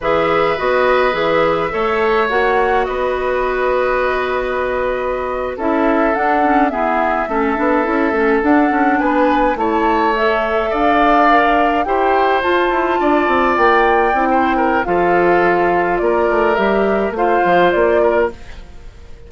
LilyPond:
<<
  \new Staff \with { instrumentName = "flute" } { \time 4/4 \tempo 4 = 105 e''4 dis''4 e''2 | fis''4 dis''2.~ | dis''4.~ dis''16 e''4 fis''4 e''16~ | e''2~ e''8. fis''4 gis''16~ |
gis''8. a''4 e''4 f''4~ f''16~ | f''8. g''4 a''2 g''16~ | g''2 f''2 | d''4 e''4 f''4 d''4 | }
  \new Staff \with { instrumentName = "oboe" } { \time 4/4 b'2. cis''4~ | cis''4 b'2.~ | b'4.~ b'16 a'2 gis'16~ | gis'8. a'2. b'16~ |
b'8. cis''2 d''4~ d''16~ | d''8. c''2 d''4~ d''16~ | d''4 c''8 ais'8 a'2 | ais'2 c''4. ais'8 | }
  \new Staff \with { instrumentName = "clarinet" } { \time 4/4 gis'4 fis'4 gis'4 a'4 | fis'1~ | fis'4.~ fis'16 e'4 d'8 cis'8 b16~ | b8. cis'8 d'8 e'8 cis'8 d'4~ d'16~ |
d'8. e'4 a'2 ais'16~ | ais'8. g'4 f'2~ f'16~ | f'8. e'4~ e'16 f'2~ | f'4 g'4 f'2 | }
  \new Staff \with { instrumentName = "bassoon" } { \time 4/4 e4 b4 e4 a4 | ais4 b2.~ | b4.~ b16 cis'4 d'4 e'16~ | e'8. a8 b8 cis'8 a8 d'8 cis'8 b16~ |
b8. a2 d'4~ d'16~ | d'8. e'4 f'8 e'8 d'8 c'8 ais16~ | ais8. c'4~ c'16 f2 | ais8 a8 g4 a8 f8 ais4 | }
>>